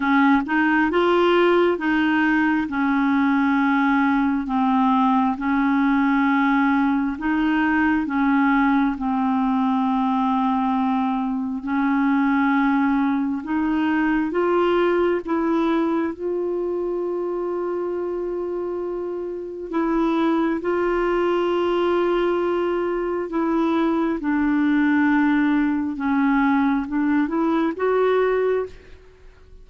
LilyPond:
\new Staff \with { instrumentName = "clarinet" } { \time 4/4 \tempo 4 = 67 cis'8 dis'8 f'4 dis'4 cis'4~ | cis'4 c'4 cis'2 | dis'4 cis'4 c'2~ | c'4 cis'2 dis'4 |
f'4 e'4 f'2~ | f'2 e'4 f'4~ | f'2 e'4 d'4~ | d'4 cis'4 d'8 e'8 fis'4 | }